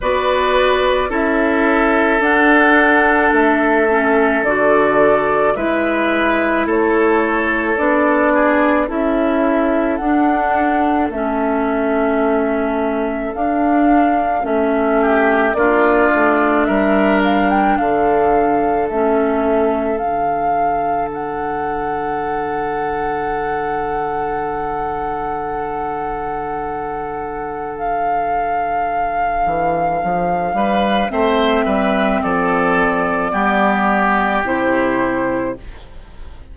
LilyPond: <<
  \new Staff \with { instrumentName = "flute" } { \time 4/4 \tempo 4 = 54 d''4 e''4 fis''4 e''4 | d''4 e''4 cis''4 d''4 | e''4 fis''4 e''2 | f''4 e''4 d''4 e''8 f''16 g''16 |
f''4 e''4 f''4 fis''4~ | fis''1~ | fis''4 f''2. | e''4 d''2 c''4 | }
  \new Staff \with { instrumentName = "oboe" } { \time 4/4 b'4 a'2.~ | a'4 b'4 a'4. gis'8 | a'1~ | a'4. g'8 f'4 ais'4 |
a'1~ | a'1~ | a'2.~ a'8 b'8 | c''8 b'8 a'4 g'2 | }
  \new Staff \with { instrumentName = "clarinet" } { \time 4/4 fis'4 e'4 d'4. cis'8 | fis'4 e'2 d'4 | e'4 d'4 cis'2 | d'4 cis'4 d'2~ |
d'4 cis'4 d'2~ | d'1~ | d'1 | c'2 b4 e'4 | }
  \new Staff \with { instrumentName = "bassoon" } { \time 4/4 b4 cis'4 d'4 a4 | d4 gis4 a4 b4 | cis'4 d'4 a2 | d'4 a4 ais8 a8 g4 |
d4 a4 d2~ | d1~ | d2~ d8 e8 f8 g8 | a8 g8 f4 g4 c4 | }
>>